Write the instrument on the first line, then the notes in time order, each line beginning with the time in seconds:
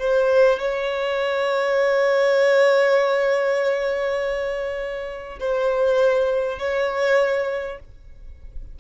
violin
0.00 C5
0.59 C#5
5.40 C5
6.59 C#5